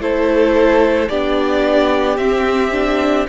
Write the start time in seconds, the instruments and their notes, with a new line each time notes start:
0.00 cello A3, viola E4, violin A4 C5
1.09 cello B3, viola D4, violin G4 D5
2.17 cello C4, viola C4, violin E5
2.72 viola D4